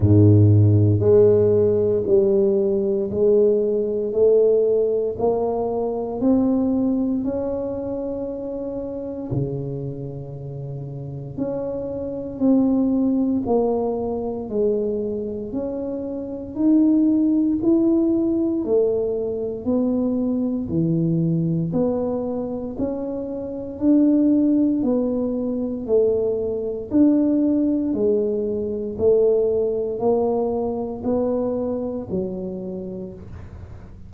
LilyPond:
\new Staff \with { instrumentName = "tuba" } { \time 4/4 \tempo 4 = 58 gis,4 gis4 g4 gis4 | a4 ais4 c'4 cis'4~ | cis'4 cis2 cis'4 | c'4 ais4 gis4 cis'4 |
dis'4 e'4 a4 b4 | e4 b4 cis'4 d'4 | b4 a4 d'4 gis4 | a4 ais4 b4 fis4 | }